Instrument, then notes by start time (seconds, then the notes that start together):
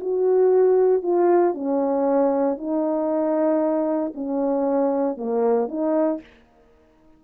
horn
0.00 F#4
1.02 F4
1.54 C#4
2.57 D#4
4.14 C#4
5.17 A#3
5.68 D#4